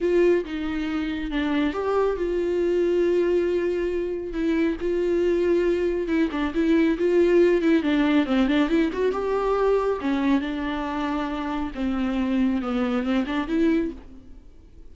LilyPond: \new Staff \with { instrumentName = "viola" } { \time 4/4 \tempo 4 = 138 f'4 dis'2 d'4 | g'4 f'2.~ | f'2 e'4 f'4~ | f'2 e'8 d'8 e'4 |
f'4. e'8 d'4 c'8 d'8 | e'8 fis'8 g'2 cis'4 | d'2. c'4~ | c'4 b4 c'8 d'8 e'4 | }